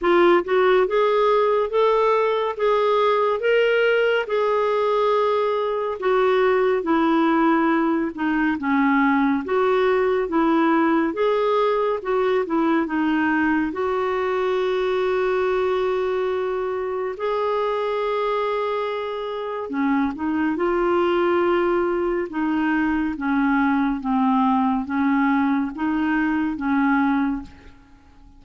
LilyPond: \new Staff \with { instrumentName = "clarinet" } { \time 4/4 \tempo 4 = 70 f'8 fis'8 gis'4 a'4 gis'4 | ais'4 gis'2 fis'4 | e'4. dis'8 cis'4 fis'4 | e'4 gis'4 fis'8 e'8 dis'4 |
fis'1 | gis'2. cis'8 dis'8 | f'2 dis'4 cis'4 | c'4 cis'4 dis'4 cis'4 | }